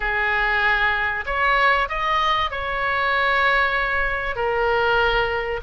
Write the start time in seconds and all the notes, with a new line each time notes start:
0.00 G#4
1.26 C#5
1.89 D#5
2.50 C#5
4.35 A#4